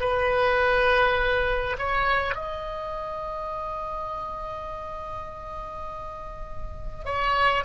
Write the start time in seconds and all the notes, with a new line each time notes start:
0.00 B4
1.78 C#5
2.35 D#5
7.05 C#5